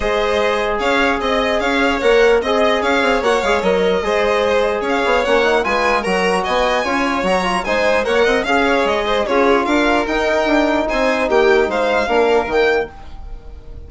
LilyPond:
<<
  \new Staff \with { instrumentName = "violin" } { \time 4/4 \tempo 4 = 149 dis''2 f''4 dis''4 | f''4 fis''4 dis''4 f''4 | fis''8 f''8 dis''2. | f''4 fis''4 gis''4 ais''4 |
gis''2 ais''4 gis''4 | fis''4 f''4 dis''4 cis''4 | f''4 g''2 gis''4 | g''4 f''2 g''4 | }
  \new Staff \with { instrumentName = "violin" } { \time 4/4 c''2 cis''4 dis''4 | cis''2 dis''4 cis''4~ | cis''2 c''2 | cis''2 b'4 ais'4 |
dis''4 cis''2 c''4 | cis''8 dis''8 f''8 cis''4 c''8 gis'4 | ais'2. c''4 | g'4 c''4 ais'2 | }
  \new Staff \with { instrumentName = "trombone" } { \time 4/4 gis'1~ | gis'4 ais'4 gis'2 | fis'8 gis'8 ais'4 gis'2~ | gis'4 cis'8 dis'8 f'4 fis'4~ |
fis'4 f'4 fis'8 f'8 dis'4 | ais'4 gis'2 f'4~ | f'4 dis'2.~ | dis'2 d'4 ais4 | }
  \new Staff \with { instrumentName = "bassoon" } { \time 4/4 gis2 cis'4 c'4 | cis'4 ais4 c'4 cis'8 c'8 | ais8 gis8 fis4 gis2 | cis'8 b8 ais4 gis4 fis4 |
b4 cis'4 fis4 gis4 | ais8 c'8 cis'4 gis4 cis'4 | d'4 dis'4 d'4 c'4 | ais4 gis4 ais4 dis4 | }
>>